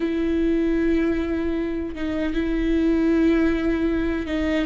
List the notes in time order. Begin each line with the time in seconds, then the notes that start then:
0.00 E4
1.95 D#4
2.33 E4
4.26 D#4